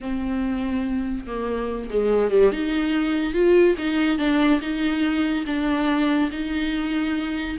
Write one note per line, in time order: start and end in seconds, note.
0.00 1.26 C4
1.26 1.89 A#3
1.90 2.31 G#3
2.31 2.52 G3
2.52 3.33 D#4
3.33 3.75 F4
3.77 4.18 D#4
4.18 4.60 D4
4.61 5.45 D#4
5.46 6.30 D4
6.31 7.57 D#4